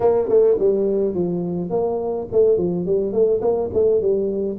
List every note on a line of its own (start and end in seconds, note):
0.00 0.28 A#3
0.28 0.57 A3
0.59 1.14 G3
1.14 1.70 F3
1.70 2.27 A#3
2.31 2.57 A3
2.57 2.86 F3
2.86 3.12 G3
3.12 3.41 A3
3.41 3.69 A#3
3.73 4.01 A3
4.01 4.58 G3